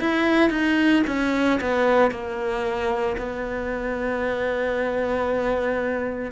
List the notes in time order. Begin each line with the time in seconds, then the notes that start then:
0.00 E4
0.50 D#4
1.07 C#4
1.61 B3
2.11 A#3
3.17 B3